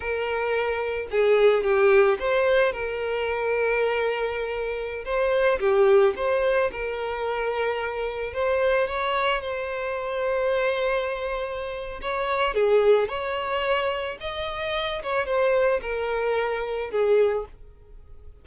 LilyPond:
\new Staff \with { instrumentName = "violin" } { \time 4/4 \tempo 4 = 110 ais'2 gis'4 g'4 | c''4 ais'2.~ | ais'4~ ais'16 c''4 g'4 c''8.~ | c''16 ais'2. c''8.~ |
c''16 cis''4 c''2~ c''8.~ | c''2 cis''4 gis'4 | cis''2 dis''4. cis''8 | c''4 ais'2 gis'4 | }